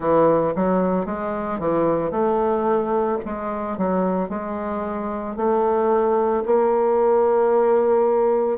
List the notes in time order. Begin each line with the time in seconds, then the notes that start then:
0.00 E3
0.55 F#3
1.05 G#3
1.59 E3
2.11 A3
3.25 G#3
3.77 F#3
4.29 G#3
5.36 A3
6.45 A#3